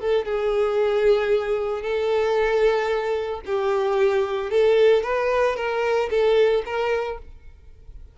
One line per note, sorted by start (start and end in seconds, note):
0.00 0.25 A4
0.25 1.82 G#4
1.82 3.41 A4
3.46 4.51 G4
4.51 5.03 A4
5.03 5.56 B4
5.56 6.09 A#4
6.10 6.63 A4
6.65 7.19 A#4